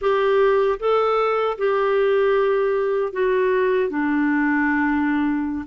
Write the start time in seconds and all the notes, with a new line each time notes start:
0.01 G4
0.79 A4
1.58 G4
3.12 F#4
3.89 D4